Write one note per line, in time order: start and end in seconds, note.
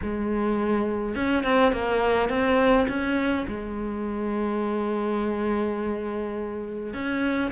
0.02 1.15 G#3
1.15 1.43 C#4
1.43 1.72 C4
1.72 2.29 A#3
2.29 2.86 C4
2.88 3.46 C#4
3.47 6.93 G#3
6.93 7.51 C#4